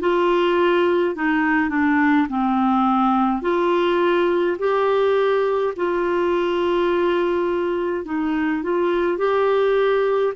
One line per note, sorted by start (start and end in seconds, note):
0.00 1.15 F4
1.15 1.69 D#4
1.69 2.27 D4
2.29 3.41 C4
3.41 4.57 F4
4.58 5.74 G4
5.76 8.05 F4
8.05 8.63 D#4
8.63 9.17 F4
9.17 10.33 G4